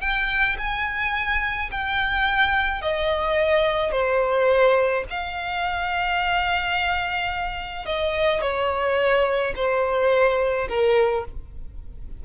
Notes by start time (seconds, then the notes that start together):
0.00 G5
0.58 G#5
1.71 G5
2.81 D#5
3.92 C5
5.10 F5
7.85 D#5
8.41 C#5
9.56 C5
10.68 A#4